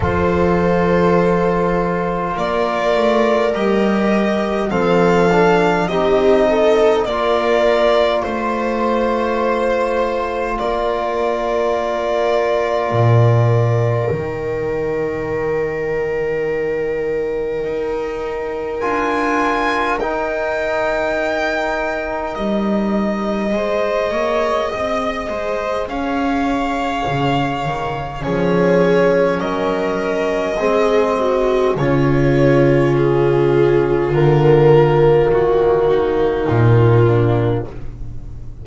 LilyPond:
<<
  \new Staff \with { instrumentName = "violin" } { \time 4/4 \tempo 4 = 51 c''2 d''4 dis''4 | f''4 dis''4 d''4 c''4~ | c''4 d''2. | g''1 |
gis''4 g''2 dis''4~ | dis''2 f''2 | cis''4 dis''2 cis''4 | gis'4 ais'4 fis'4 f'4 | }
  \new Staff \with { instrumentName = "viola" } { \time 4/4 a'2 ais'2 | a'4 g'8 a'8 ais'4 c''4~ | c''4 ais'2.~ | ais'1~ |
ais'1 | c''8 cis''8 dis''8 c''8 cis''2 | gis'4 ais'4 gis'8 fis'8 f'4~ | f'2~ f'8 dis'4 d'8 | }
  \new Staff \with { instrumentName = "trombone" } { \time 4/4 f'2. g'4 | c'8 d'8 dis'4 f'2~ | f'1 | dis'1 |
f'4 dis'2. | gis'1 | cis'2 c'4 cis'4~ | cis'4 ais2. | }
  \new Staff \with { instrumentName = "double bass" } { \time 4/4 f2 ais8 a8 g4 | f4 c'4 ais4 a4~ | a4 ais2 ais,4 | dis2. dis'4 |
d'4 dis'2 g4 | gis8 ais8 c'8 gis8 cis'4 cis8 dis8 | f4 fis4 gis4 cis4~ | cis4 d4 dis4 ais,4 | }
>>